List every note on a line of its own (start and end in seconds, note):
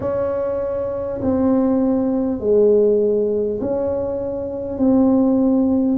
0.00 1.20 C#4
1.21 2.40 C4
2.40 3.60 G#3
3.60 4.78 C#4
4.78 5.98 C4